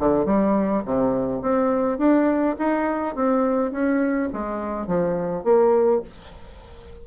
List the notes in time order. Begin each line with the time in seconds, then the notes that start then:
0.00 D3
0.26 G3
0.85 C3
1.42 C4
1.99 D4
2.59 D#4
3.16 C4
3.72 C#4
4.33 G#3
4.87 F3
5.44 A#3